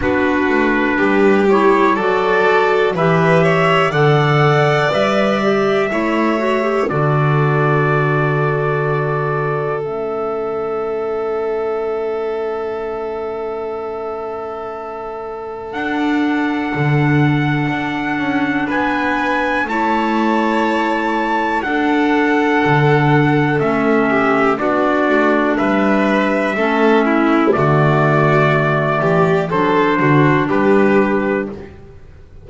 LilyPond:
<<
  \new Staff \with { instrumentName = "trumpet" } { \time 4/4 \tempo 4 = 61 b'4. cis''8 d''4 e''4 | fis''4 e''2 d''4~ | d''2 e''2~ | e''1 |
fis''2. gis''4 | a''2 fis''2 | e''4 d''4 e''2 | d''2 c''4 b'4 | }
  \new Staff \with { instrumentName = "violin" } { \time 4/4 fis'4 g'4 a'4 b'8 cis''8 | d''2 cis''4 a'4~ | a'1~ | a'1~ |
a'2. b'4 | cis''2 a'2~ | a'8 g'8 fis'4 b'4 a'8 e'8 | fis'4. g'8 a'8 fis'8 g'4 | }
  \new Staff \with { instrumentName = "clarinet" } { \time 4/4 d'4. e'8 fis'4 g'4 | a'4 b'8 g'8 e'8 fis'16 g'16 fis'4~ | fis'2 cis'2~ | cis'1 |
d'1 | e'2 d'2 | cis'4 d'2 cis'4 | a2 d'2 | }
  \new Staff \with { instrumentName = "double bass" } { \time 4/4 b8 a8 g4 fis4 e4 | d4 g4 a4 d4~ | d2 a2~ | a1 |
d'4 d4 d'8 cis'8 b4 | a2 d'4 d4 | a4 b8 a8 g4 a4 | d4. e8 fis8 d8 g4 | }
>>